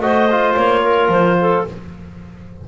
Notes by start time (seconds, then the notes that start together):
0.00 A3 F#4 C5 D#5
0.31 F4
0.56 A#3 C#5
0.82 A#4
1.09 F3 C5
1.41 A4